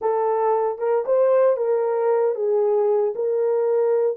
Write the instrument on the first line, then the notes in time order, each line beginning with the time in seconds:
horn
0.01 A4
0.78 A#4
1.05 C5
1.57 A#4
2.35 G#4
3.15 A#4